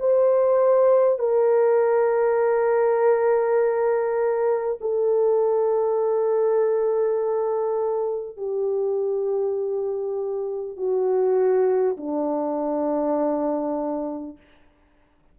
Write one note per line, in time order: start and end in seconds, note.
0.00 1.19 C5
1.19 4.79 A#4
4.82 8.37 A4
8.37 10.77 G4
10.77 11.97 F#4
11.98 14.38 D4